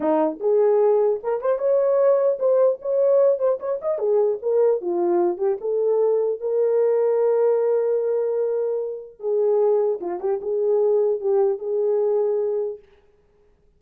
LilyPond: \new Staff \with { instrumentName = "horn" } { \time 4/4 \tempo 4 = 150 dis'4 gis'2 ais'8 c''8 | cis''2 c''4 cis''4~ | cis''8 c''8 cis''8 dis''8 gis'4 ais'4 | f'4. g'8 a'2 |
ais'1~ | ais'2. gis'4~ | gis'4 f'8 g'8 gis'2 | g'4 gis'2. | }